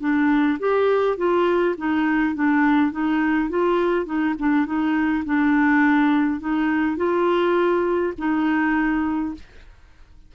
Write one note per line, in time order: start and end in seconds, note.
0.00 0.58 D4
0.59 1.17 G4
1.17 1.75 F4
1.77 2.35 D#4
2.35 2.92 D4
2.92 3.49 D#4
3.49 4.05 F4
4.05 4.34 D#4
4.39 4.66 D4
4.66 5.24 D#4
5.25 6.40 D4
6.40 6.97 D#4
6.97 8.13 F4
8.18 9.34 D#4